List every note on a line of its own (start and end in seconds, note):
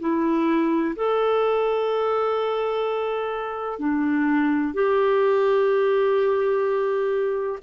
0.00 0.95 E4
0.96 3.80 A4
3.80 4.74 D4
4.74 7.60 G4